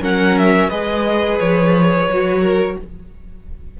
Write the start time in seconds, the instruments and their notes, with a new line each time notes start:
0.00 cello F#3, viola C#4, violin A#4 F#5
0.38 violin E5
0.69 cello G#3, viola G#4, violin B4 D#5
1.39 cello F3, violin C#5
2.07 cello F#3, viola F#4
2.41 violin A#4